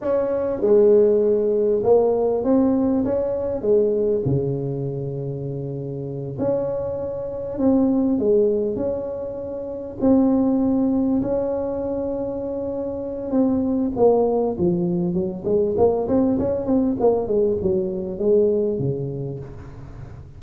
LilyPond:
\new Staff \with { instrumentName = "tuba" } { \time 4/4 \tempo 4 = 99 cis'4 gis2 ais4 | c'4 cis'4 gis4 cis4~ | cis2~ cis8 cis'4.~ | cis'8 c'4 gis4 cis'4.~ |
cis'8 c'2 cis'4.~ | cis'2 c'4 ais4 | f4 fis8 gis8 ais8 c'8 cis'8 c'8 | ais8 gis8 fis4 gis4 cis4 | }